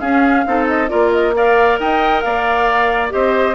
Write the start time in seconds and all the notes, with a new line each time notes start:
0.00 C#4 G#4 F5
0.47 C4 D#4 A4
0.68 D#5
0.89 A#3 F4 A#4 D5
1.12 D#5
1.35 A#4 D5 F5
1.80 D#4 D#5 G5
2.21 A#3 D5 F5
3.10 C4 G4 C5 D#5